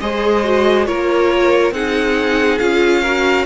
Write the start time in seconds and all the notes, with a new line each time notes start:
0.00 G#3 G#4 C5 D#5
0.44 F#4
0.86 A#3 F4 A#4 C#5
1.71 C4 D#4 G#4 F#5
2.58 C#4 F4 F5
3.01 F#4 A#4